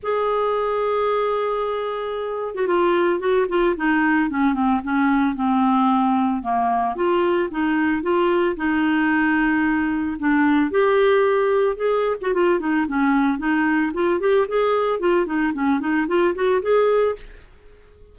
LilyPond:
\new Staff \with { instrumentName = "clarinet" } { \time 4/4 \tempo 4 = 112 gis'1~ | gis'8. fis'16 f'4 fis'8 f'8 dis'4 | cis'8 c'8 cis'4 c'2 | ais4 f'4 dis'4 f'4 |
dis'2. d'4 | g'2 gis'8. fis'16 f'8 dis'8 | cis'4 dis'4 f'8 g'8 gis'4 | f'8 dis'8 cis'8 dis'8 f'8 fis'8 gis'4 | }